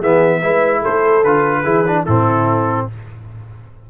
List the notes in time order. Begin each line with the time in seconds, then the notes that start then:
0.00 E3 B3 G#4 E5
0.42 G#3 E4 B4
0.81 A3 A4 C5
1.24 D3 F4 B4
1.63 E3 E4 G#4
1.87 D4
2.05 A2 C4 E4 A4